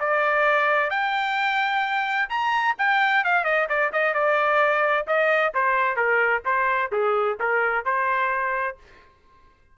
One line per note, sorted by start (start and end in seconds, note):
0.00 0.91 D5
0.91 2.29 G5
2.30 2.76 A#5
2.78 3.24 G5
3.24 3.44 F5
3.44 3.68 D#5
3.69 3.92 D5
3.93 4.14 D#5
4.14 5.06 D5
5.07 5.53 D#5
5.54 5.96 C5
5.96 6.43 A#4
6.45 6.91 C5
6.92 7.38 G#4
7.40 7.85 A#4
7.85 8.78 C5